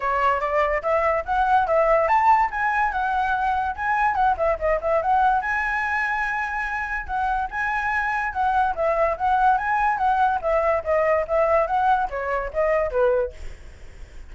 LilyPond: \new Staff \with { instrumentName = "flute" } { \time 4/4 \tempo 4 = 144 cis''4 d''4 e''4 fis''4 | e''4 a''4 gis''4 fis''4~ | fis''4 gis''4 fis''8 e''8 dis''8 e''8 | fis''4 gis''2.~ |
gis''4 fis''4 gis''2 | fis''4 e''4 fis''4 gis''4 | fis''4 e''4 dis''4 e''4 | fis''4 cis''4 dis''4 b'4 | }